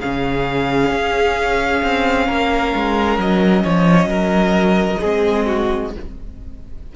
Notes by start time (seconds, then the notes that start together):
0.00 C#3 C#4 G#4 F5
0.91 C#4
1.83 C4
2.27 A#3 A#4
2.75 G#3
3.18 F#3 D#5
3.63 F3 C#5
4.05 F#3 A#4
5.00 G#3 C4 G#4
5.46 F#4